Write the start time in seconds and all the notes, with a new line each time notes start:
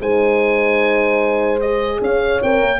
0.00 G#3 D#4 C5 G#5
1.61 G#4 D#5
2.02 C#4 C#5 F5
2.42 C4 A#4 G5
2.62 A#3